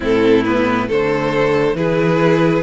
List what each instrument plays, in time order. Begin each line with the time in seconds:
0.00 cello A2, viola C4, violin E4 A4
0.44 viola B3, violin B4
0.87 cello D3, viola A3, violin A4 C5
1.74 cello E3, viola E4, violin G#4 B4